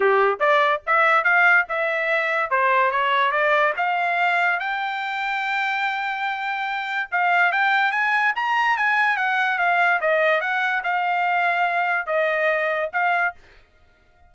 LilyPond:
\new Staff \with { instrumentName = "trumpet" } { \time 4/4 \tempo 4 = 144 g'4 d''4 e''4 f''4 | e''2 c''4 cis''4 | d''4 f''2 g''4~ | g''1~ |
g''4 f''4 g''4 gis''4 | ais''4 gis''4 fis''4 f''4 | dis''4 fis''4 f''2~ | f''4 dis''2 f''4 | }